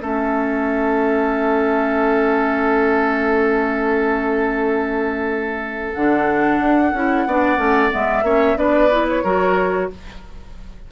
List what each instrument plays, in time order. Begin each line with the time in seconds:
0.00 bassoon A3, clarinet C#4, oboe A4, flute E5
5.95 bassoon D3, clarinet D4, flute F#5
6.60 bassoon D4
6.94 bassoon C#4, clarinet E4
7.27 bassoon B3, clarinet D4, oboe D5
7.57 bassoon A3, clarinet C#4
7.91 bassoon G#3, clarinet B3, flute E5
8.23 bassoon A#3, clarinet C#4, oboe C#5
8.57 bassoon B3, clarinet D4, oboe B4, flute D5
8.92 clarinet E4
9.10 flute C#5
9.24 bassoon F#3, clarinet F#4, oboe A#4